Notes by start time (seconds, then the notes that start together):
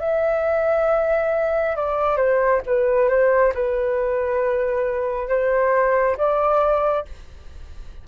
0.00 E5
1.76 D5
2.17 C5
2.66 B4
3.09 C5
3.55 B4
5.29 C5
6.18 D5